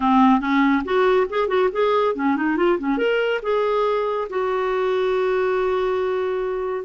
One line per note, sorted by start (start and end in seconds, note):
0.00 0.40 C4
0.40 0.83 C#4
0.84 1.27 F#4
1.29 1.47 G#4
1.47 1.69 F#4
1.72 2.15 G#4
2.15 2.36 C#4
2.36 2.57 D#4
2.57 2.78 F4
2.78 2.97 C#4
2.97 3.40 A#4
3.42 4.28 G#4
4.29 6.85 F#4